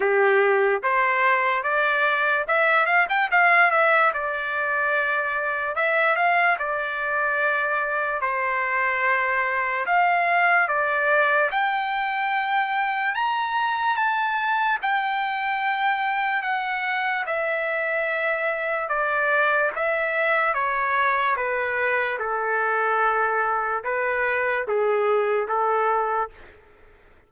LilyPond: \new Staff \with { instrumentName = "trumpet" } { \time 4/4 \tempo 4 = 73 g'4 c''4 d''4 e''8 f''16 g''16 | f''8 e''8 d''2 e''8 f''8 | d''2 c''2 | f''4 d''4 g''2 |
ais''4 a''4 g''2 | fis''4 e''2 d''4 | e''4 cis''4 b'4 a'4~ | a'4 b'4 gis'4 a'4 | }